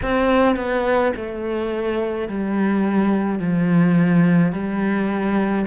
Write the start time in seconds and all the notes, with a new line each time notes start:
0.02 C4
0.56 B3
1.16 A3
2.28 G3
3.39 F3
4.52 G3